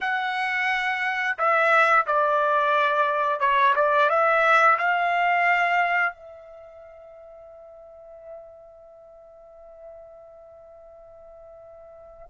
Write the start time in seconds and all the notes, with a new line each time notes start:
0.00 F#5
1.38 E5
2.06 D5
3.40 C#5
3.75 D5
4.09 E5
4.78 F5
6.13 E5